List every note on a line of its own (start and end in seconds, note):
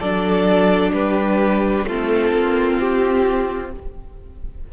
0.00 0.93 F#3
0.00 1.88 D4
0.00 0.92 A4
0.00 0.93 D5
0.93 1.85 G3
0.93 1.86 G4
0.93 1.86 B4
1.85 2.31 A3
1.85 3.73 C4
1.85 3.72 F4
1.85 2.79 A4
2.33 2.79 A#3
2.79 3.72 C4
2.79 3.72 G4